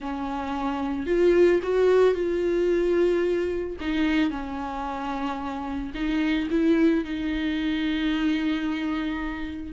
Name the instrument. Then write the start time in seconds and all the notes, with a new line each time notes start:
viola
0.00 C#4
1.06 F4
1.62 F#4
2.14 F4
3.80 D#4
4.30 C#4
5.94 D#4
6.50 E4
7.04 D#4